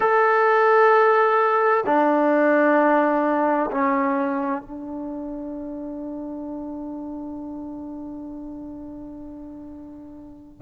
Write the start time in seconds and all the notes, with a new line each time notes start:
0.00 A4
1.85 D4
3.71 C#4
4.62 D4